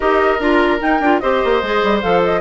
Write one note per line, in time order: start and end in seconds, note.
0.00 0.39 D#4
0.00 0.39 G4
0.00 1.22 A#4
0.00 0.40 D#5
0.39 0.80 D4
0.39 0.80 F4
0.39 0.81 A#5
0.80 1.00 D#4
0.80 1.19 G5
1.00 1.20 D4
1.00 1.22 F4
1.19 1.43 C4
1.19 1.62 G4
1.19 2.41 C5
1.19 2.00 D#5
1.44 1.62 A#3
1.62 1.82 G#3
1.62 2.01 G#4
1.83 2.03 G3
2.01 2.41 F3
2.01 2.41 A4
2.01 2.22 F5
2.24 2.41 D#5